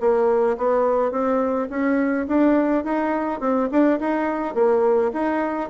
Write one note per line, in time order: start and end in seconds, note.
0.00 0.57 A#3
0.57 1.11 B3
1.11 1.68 C4
1.69 2.26 C#4
2.27 2.84 D4
2.84 3.40 D#4
3.40 3.68 C4
3.71 3.99 D4
4.00 4.54 D#4
4.54 5.11 A#3
5.13 5.69 D#4